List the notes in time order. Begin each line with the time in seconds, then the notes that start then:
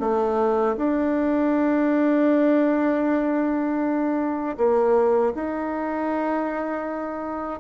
0.00 A3
0.77 D4
4.57 A#3
5.35 D#4